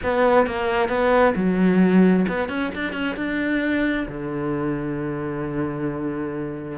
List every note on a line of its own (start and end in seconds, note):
0.03 0.46 B3
0.46 0.88 A#3
0.88 1.33 B3
1.35 2.26 F#3
2.28 2.48 B3
2.48 2.71 C#4
2.74 2.92 D4
2.92 3.15 C#4
3.16 4.06 D4
4.08 6.78 D3